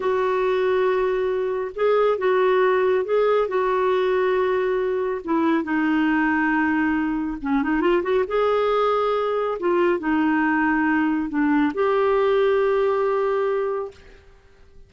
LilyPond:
\new Staff \with { instrumentName = "clarinet" } { \time 4/4 \tempo 4 = 138 fis'1 | gis'4 fis'2 gis'4 | fis'1 | e'4 dis'2.~ |
dis'4 cis'8 dis'8 f'8 fis'8 gis'4~ | gis'2 f'4 dis'4~ | dis'2 d'4 g'4~ | g'1 | }